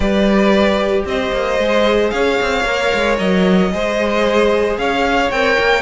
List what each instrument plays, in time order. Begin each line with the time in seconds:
0.00 cello G3, viola G4, violin B4 D5
1.05 cello C4, violin C5 D#5
1.32 cello A#3
1.59 cello G#3, viola G#4
2.10 cello C#4, violin C#5 F5
2.41 cello C4
2.64 cello A#3, viola A#4
2.93 cello G#3
3.18 cello F#3, violin D#5
3.72 cello G#3, viola G#4, violin C5
4.77 cello C#4, violin C#5 F5
5.30 cello C4, viola A#4, violin G5
5.59 cello A#3